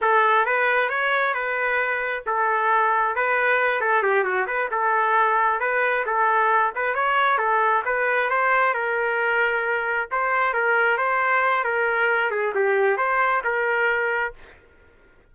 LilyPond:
\new Staff \with { instrumentName = "trumpet" } { \time 4/4 \tempo 4 = 134 a'4 b'4 cis''4 b'4~ | b'4 a'2 b'4~ | b'8 a'8 g'8 fis'8 b'8 a'4.~ | a'8 b'4 a'4. b'8 cis''8~ |
cis''8 a'4 b'4 c''4 ais'8~ | ais'2~ ais'8 c''4 ais'8~ | ais'8 c''4. ais'4. gis'8 | g'4 c''4 ais'2 | }